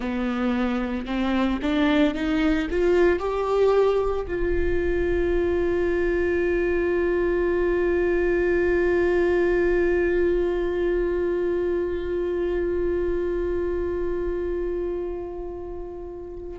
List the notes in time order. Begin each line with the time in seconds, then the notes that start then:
0.00 B3
1.06 C4
1.62 D4
2.14 D#4
2.70 F4
3.19 G4
4.27 F4